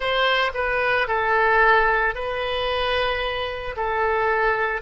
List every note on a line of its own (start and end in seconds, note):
0.00 0.51 C5
0.54 1.07 B4
1.07 2.14 A4
2.14 3.75 B4
3.76 4.81 A4